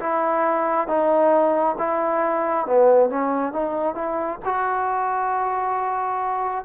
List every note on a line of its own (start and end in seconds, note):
0.00 0.88 E4
0.88 1.76 D#4
1.79 2.67 E4
2.67 3.10 B3
3.10 3.53 C#4
3.53 3.95 D#4
3.95 4.39 E4
4.45 6.65 F#4